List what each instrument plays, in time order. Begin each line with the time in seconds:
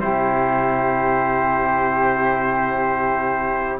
0.00 cello C3, trombone E4, flute G4, trumpet C5